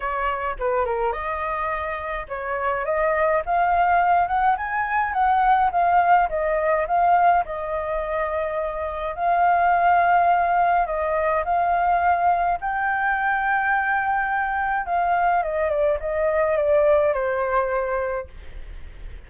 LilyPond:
\new Staff \with { instrumentName = "flute" } { \time 4/4 \tempo 4 = 105 cis''4 b'8 ais'8 dis''2 | cis''4 dis''4 f''4. fis''8 | gis''4 fis''4 f''4 dis''4 | f''4 dis''2. |
f''2. dis''4 | f''2 g''2~ | g''2 f''4 dis''8 d''8 | dis''4 d''4 c''2 | }